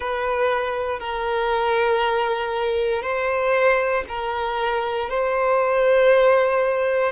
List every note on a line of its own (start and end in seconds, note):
0.00 0.99 B4
0.99 3.02 A#4
3.02 4.04 C5
4.08 5.09 A#4
5.09 7.12 C5